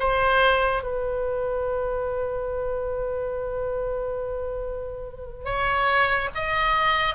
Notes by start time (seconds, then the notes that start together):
0.00 C5
0.83 B4
5.45 C#5
6.35 D#5